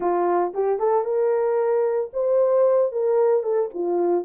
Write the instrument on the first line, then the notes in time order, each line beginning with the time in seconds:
horn
0.00 F4
0.54 G4
0.79 A4
1.04 A#4
2.13 C5
2.92 A#4
3.43 A4
3.73 F4